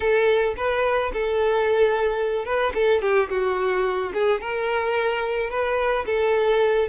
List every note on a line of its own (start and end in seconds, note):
0.00 0.55 A4
0.57 1.12 B4
1.13 2.45 A4
2.45 2.72 B4
2.74 3.01 A4
3.01 3.29 G4
3.29 4.12 F#4
4.13 4.40 G#4
4.40 5.50 A#4
5.50 6.05 B4
6.06 6.88 A4